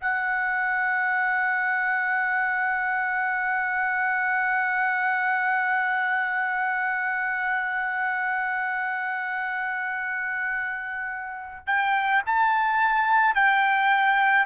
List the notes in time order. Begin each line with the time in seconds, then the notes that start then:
0.00 F#5
11.66 G5
12.26 A5
13.34 G5